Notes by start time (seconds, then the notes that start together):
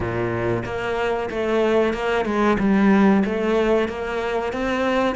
0.00 A#2
0.65 A#3
1.30 A3
1.93 A#3
2.25 G#3
2.59 G3
3.24 A3
3.88 A#3
4.52 C4